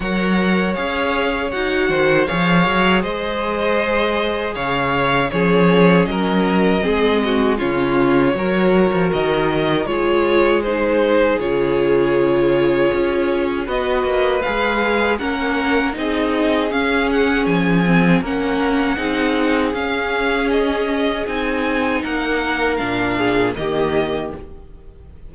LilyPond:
<<
  \new Staff \with { instrumentName = "violin" } { \time 4/4 \tempo 4 = 79 fis''4 f''4 fis''4 f''4 | dis''2 f''4 cis''4 | dis''2 cis''2 | dis''4 cis''4 c''4 cis''4~ |
cis''2 dis''4 f''4 | fis''4 dis''4 f''8 fis''8 gis''4 | fis''2 f''4 dis''4 | gis''4 fis''4 f''4 dis''4 | }
  \new Staff \with { instrumentName = "violin" } { \time 4/4 cis''2~ cis''8 c''8 cis''4 | c''2 cis''4 gis'4 | ais'4 gis'8 fis'8 f'4 ais'4~ | ais'4 gis'2.~ |
gis'2 b'2 | ais'4 gis'2. | ais'4 gis'2.~ | gis'4 ais'4. gis'8 g'4 | }
  \new Staff \with { instrumentName = "viola" } { \time 4/4 ais'4 gis'4 fis'4 gis'4~ | gis'2. cis'4~ | cis'4 c'4 cis'4 fis'4~ | fis'4 f'4 dis'4 f'4~ |
f'2 fis'4 gis'4 | cis'4 dis'4 cis'4. c'8 | cis'4 dis'4 cis'2 | dis'2 d'4 ais4 | }
  \new Staff \with { instrumentName = "cello" } { \time 4/4 fis4 cis'4 dis'8 dis8 f8 fis8 | gis2 cis4 f4 | fis4 gis4 cis4 fis8. f16 | dis4 gis2 cis4~ |
cis4 cis'4 b8 ais8 gis4 | ais4 c'4 cis'4 f4 | ais4 c'4 cis'2 | c'4 ais4 ais,4 dis4 | }
>>